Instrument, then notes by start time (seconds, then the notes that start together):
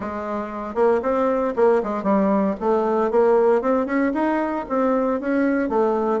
bassoon
0.00 G#3
0.74 A#3
1.02 C4
1.56 A#3
1.83 G#3
2.03 G3
2.60 A3
3.10 A#3
3.61 C4
3.86 C#4
4.14 D#4
4.68 C4
5.20 C#4
5.69 A3